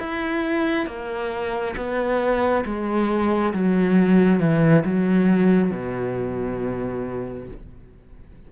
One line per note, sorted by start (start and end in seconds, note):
0.00 0.87 E4
0.87 1.75 A#3
1.76 2.65 B3
2.65 3.53 G#3
3.54 4.40 F#3
4.40 4.84 E3
4.85 5.71 F#3
5.71 7.48 B2